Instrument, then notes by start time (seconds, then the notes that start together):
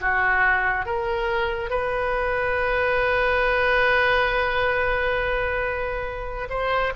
oboe
0.00 F#4
0.85 A#4
1.70 B4
6.49 C5